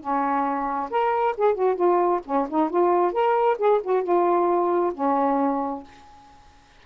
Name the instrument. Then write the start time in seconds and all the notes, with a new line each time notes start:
saxophone
0.00 C#4
0.90 A#4
1.37 G#4
1.54 F#4
1.75 F4
2.25 C#4
2.49 D#4
2.69 F4
3.12 A#4
3.58 G#4
3.83 F#4
4.03 F4
4.94 C#4